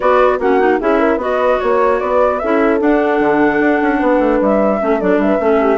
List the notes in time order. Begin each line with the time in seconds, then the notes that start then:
0.00 B3 F#4 B4 D5
0.39 A#3 C#4 F#4 F#5
0.59 D#4
0.80 C#4 E4 G#4 E5
0.98 A#4
1.17 B3 F#4 B4 D#5
1.59 A#3 C#5
1.99 B3 B4 D5
2.38 C#4 E4 A4 E5
2.79 D4 F#5
3.20 D3
3.60 D4
3.81 C#4
3.98 B3 B4
4.19 A3
4.40 G3 E5
4.79 A3 C#4 A4
5.00 F#3 D4 D5
5.17 G3 E5
5.23 B4
5.39 A3 C#4 A4
5.60 G4